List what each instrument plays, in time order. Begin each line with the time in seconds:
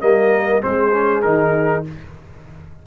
0.00 tuba G3, trombone A#3, horn A#4, trumpet D#5
0.61 tuba G#3, trombone C4, horn G#4, trumpet C5
0.93 trombone C#4
1.22 tuba D#3, trombone D#4, trumpet A#4